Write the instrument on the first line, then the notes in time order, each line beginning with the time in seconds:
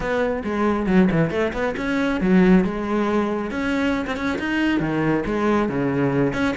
cello
0.00 B3
0.44 G#3
0.86 F#3
1.11 E3
1.30 A3
1.53 B3
1.77 C#4
2.20 F#3
2.64 G#3
3.50 C#4
4.07 C4
4.16 C#4
4.38 D#4
4.80 D#3
5.26 G#3
5.68 C#3
6.33 C#4